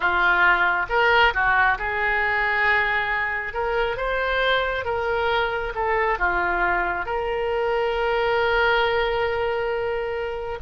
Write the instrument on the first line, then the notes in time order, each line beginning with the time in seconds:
oboe
0.00 F4
0.89 A#4
1.34 F#4
1.78 G#4
3.53 A#4
3.97 C5
4.84 A#4
5.74 A4
6.18 F4
7.05 A#4